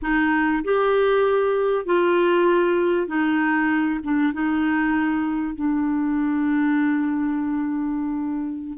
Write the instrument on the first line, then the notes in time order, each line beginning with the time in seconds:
clarinet
0.01 D#4
0.64 G4
1.85 F4
3.07 D#4
4.03 D4
4.33 D#4
5.55 D4